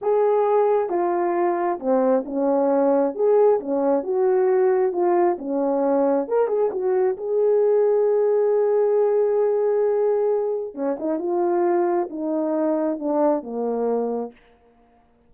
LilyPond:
\new Staff \with { instrumentName = "horn" } { \time 4/4 \tempo 4 = 134 gis'2 f'2 | c'4 cis'2 gis'4 | cis'4 fis'2 f'4 | cis'2 ais'8 gis'8 fis'4 |
gis'1~ | gis'1 | cis'8 dis'8 f'2 dis'4~ | dis'4 d'4 ais2 | }